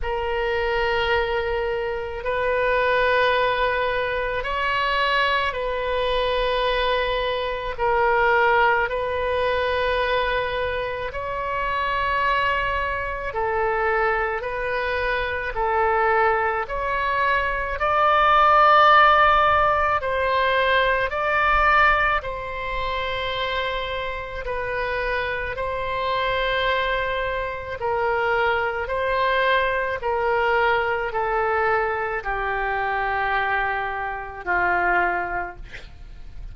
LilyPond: \new Staff \with { instrumentName = "oboe" } { \time 4/4 \tempo 4 = 54 ais'2 b'2 | cis''4 b'2 ais'4 | b'2 cis''2 | a'4 b'4 a'4 cis''4 |
d''2 c''4 d''4 | c''2 b'4 c''4~ | c''4 ais'4 c''4 ais'4 | a'4 g'2 f'4 | }